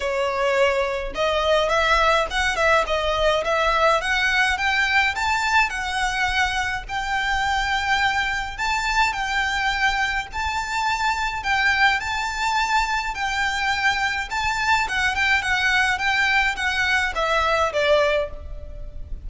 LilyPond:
\new Staff \with { instrumentName = "violin" } { \time 4/4 \tempo 4 = 105 cis''2 dis''4 e''4 | fis''8 e''8 dis''4 e''4 fis''4 | g''4 a''4 fis''2 | g''2. a''4 |
g''2 a''2 | g''4 a''2 g''4~ | g''4 a''4 fis''8 g''8 fis''4 | g''4 fis''4 e''4 d''4 | }